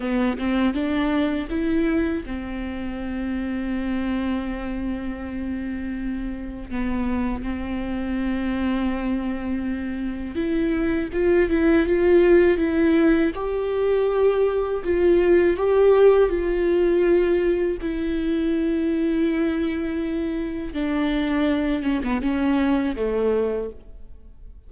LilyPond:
\new Staff \with { instrumentName = "viola" } { \time 4/4 \tempo 4 = 81 b8 c'8 d'4 e'4 c'4~ | c'1~ | c'4 b4 c'2~ | c'2 e'4 f'8 e'8 |
f'4 e'4 g'2 | f'4 g'4 f'2 | e'1 | d'4. cis'16 b16 cis'4 a4 | }